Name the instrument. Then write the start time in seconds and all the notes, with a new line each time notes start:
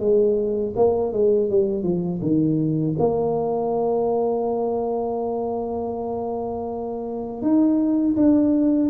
tuba
0.00 G#3
0.76 A#3
1.13 G#3
1.50 G3
1.84 F3
2.22 D#3
2.99 A#3
7.42 D#4
8.17 D4